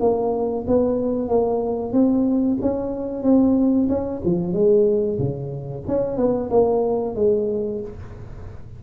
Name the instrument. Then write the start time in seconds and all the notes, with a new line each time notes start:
tuba
0.00 A#3
0.67 B3
1.28 A#3
1.92 C4
2.61 C#4
3.23 C4
3.89 C#4
4.25 F3
4.54 G#3
5.19 C#3
5.88 C#4
6.17 B3
6.50 A#3
7.15 G#3